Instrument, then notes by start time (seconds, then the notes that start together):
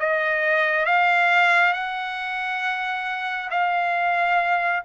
trumpet
0.00 D#5
0.86 F5
1.74 F#5
3.51 F5